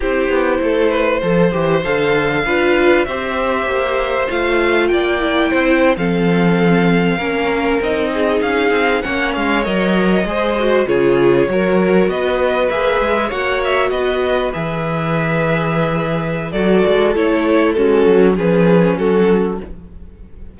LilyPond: <<
  \new Staff \with { instrumentName = "violin" } { \time 4/4 \tempo 4 = 98 c''2. f''4~ | f''4 e''2 f''4 | g''4.~ g''16 f''2~ f''16~ | f''8. dis''4 f''4 fis''8 f''8 dis''16~ |
dis''4.~ dis''16 cis''2 dis''16~ | dis''8. e''4 fis''8 e''8 dis''4 e''16~ | e''2. d''4 | cis''4 a'4 b'4 a'4 | }
  \new Staff \with { instrumentName = "violin" } { \time 4/4 g'4 a'8 b'8 c''2 | b'4 c''2. | d''4 c''8. a'2 ais'16~ | ais'4~ ais'16 gis'4. cis''4~ cis''16~ |
cis''8. c''4 gis'4 ais'4 b'16~ | b'4.~ b'16 cis''4 b'4~ b'16~ | b'2. a'4~ | a'4 cis'4 gis'4 fis'4 | }
  \new Staff \with { instrumentName = "viola" } { \time 4/4 e'2 a'8 g'8 a'4 | f'4 g'2 f'4~ | f'8 e'4~ e'16 c'2 cis'16~ | cis'8. dis'2 cis'4 ais'16~ |
ais'8. gis'8 fis'8 f'4 fis'4~ fis'16~ | fis'8. gis'4 fis'2 gis'16~ | gis'2. fis'4 | e'4 fis'4 cis'2 | }
  \new Staff \with { instrumentName = "cello" } { \time 4/4 c'8 b8 a4 f8 e8 d4 | d'4 c'4 ais4 a4 | ais4 c'8. f2 ais16~ | ais8. c'4 cis'8 c'8 ais8 gis8 fis16~ |
fis8. gis4 cis4 fis4 b16~ | b8. ais8 gis8 ais4 b4 e16~ | e2. fis8 gis8 | a4 gis8 fis8 f4 fis4 | }
>>